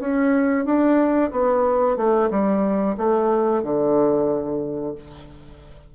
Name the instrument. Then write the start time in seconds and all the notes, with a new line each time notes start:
bassoon
0.00 C#4
0.65 D4
1.32 B3
1.97 A3
2.31 G3
2.97 A3
3.63 D3